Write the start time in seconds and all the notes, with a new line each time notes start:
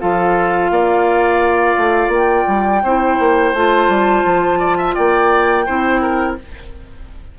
0.00 F3 F4 A4 F5
0.71 A#3 D5
1.77 A3
2.09 A#3 G5
2.48 G3
2.83 C4 E4 C5
3.20 A#3
3.53 A3 F4 A5
3.89 G3
4.25 F3
4.60 D5
4.78 E5
4.95 A#3 D5 G5
5.66 C4 E4 C5
6.02 A#4